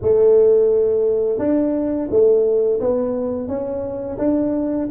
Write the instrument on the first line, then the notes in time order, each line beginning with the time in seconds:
tuba
0.02 A3
1.38 D4
2.10 A3
2.80 B3
3.48 C#4
4.18 D4